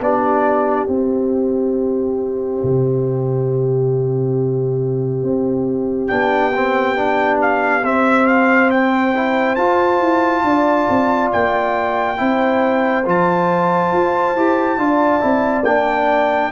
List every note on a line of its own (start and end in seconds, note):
0.00 0.87 B3
0.00 0.88 D4
0.00 8.70 G4
0.00 0.87 D5
0.87 2.62 C4
0.87 6.09 C4
0.87 6.08 E5
2.63 5.23 C3
5.23 6.10 C4
6.08 7.84 B3
6.08 6.53 D4
6.08 7.38 G5
6.55 6.96 C4
6.96 7.83 D4
7.42 7.85 F5
7.84 9.57 C4
7.84 9.15 C4
7.84 8.27 E5
8.27 8.70 F5
8.70 10.44 C5
8.70 9.56 G5
9.15 9.58 E4
9.56 10.00 F4
9.56 12.17 F4
9.56 11.30 A5
10.00 10.43 E4
10.44 10.87 D4
10.44 12.20 D5
10.90 11.33 C4
11.32 12.20 A#3
11.32 13.06 G5
12.17 13.06 C4
12.17 13.04 E4
12.17 14.80 C5
13.06 13.93 F3
13.06 14.36 F4
13.06 15.65 A5
13.93 14.35 F4
14.35 14.78 E4
14.35 14.79 G4
14.78 15.22 D4
14.78 15.21 F4
14.78 16.52 D5
15.21 15.65 C4
15.21 15.64 E4
15.65 16.52 A#3
15.65 16.52 D4
15.65 16.52 G5